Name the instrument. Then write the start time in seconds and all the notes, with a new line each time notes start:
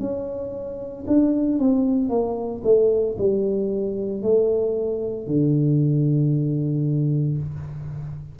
tuba
0.00 C#4
1.07 D4
1.59 C4
2.09 A#3
2.64 A3
3.18 G3
4.22 A3
5.27 D3